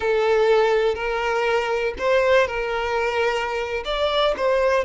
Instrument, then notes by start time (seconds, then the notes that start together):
violin
0.00 A4
0.94 A#4
1.98 C5
2.47 A#4
3.84 D5
4.36 C5